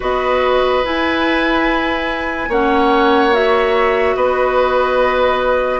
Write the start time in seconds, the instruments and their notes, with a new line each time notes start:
0.00 bassoon B3, clarinet F#4, oboe B4, flute D#5
0.83 clarinet E4, bassoon E4, flute G#5
2.48 bassoon A#3, clarinet C#4, oboe C#5, flute F#5
3.32 clarinet F#4, flute E5
4.15 bassoon B3, oboe B4, flute D#5